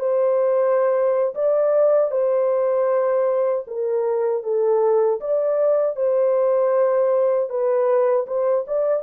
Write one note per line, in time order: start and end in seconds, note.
0.00 1.35 C5
1.35 2.12 D5
2.12 3.65 C5
3.67 4.43 A#4
4.43 5.20 A4
5.21 5.96 D5
5.96 7.50 C5
7.50 8.27 B4
8.27 8.65 C5
8.67 9.03 D5